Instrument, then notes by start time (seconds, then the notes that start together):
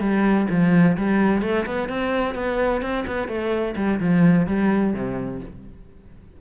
cello
0.00 G3
0.50 F3
0.97 G3
1.42 A3
1.66 B3
1.89 C4
2.35 B3
2.81 C4
3.07 B3
3.28 A3
3.76 G3
4.00 F3
4.47 G3
4.93 C3